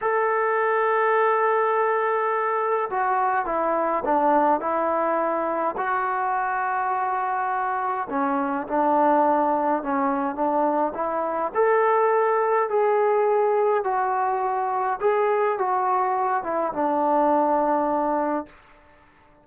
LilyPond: \new Staff \with { instrumentName = "trombone" } { \time 4/4 \tempo 4 = 104 a'1~ | a'4 fis'4 e'4 d'4 | e'2 fis'2~ | fis'2 cis'4 d'4~ |
d'4 cis'4 d'4 e'4 | a'2 gis'2 | fis'2 gis'4 fis'4~ | fis'8 e'8 d'2. | }